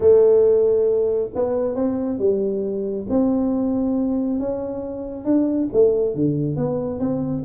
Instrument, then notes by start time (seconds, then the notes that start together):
tuba
0.00 A3
1.34 B3
1.75 C4
2.18 G3
3.09 C4
4.39 C#4
5.24 D4
5.73 A3
6.15 D3
6.56 B3
6.99 C4